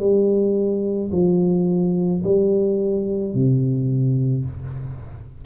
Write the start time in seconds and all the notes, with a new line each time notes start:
0.00 G3
1.12 F3
2.24 G3
3.34 C3